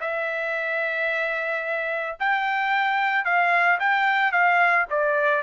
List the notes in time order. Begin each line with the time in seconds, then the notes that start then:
0.00 E5
2.19 G5
3.24 F5
3.79 G5
4.31 F5
4.89 D5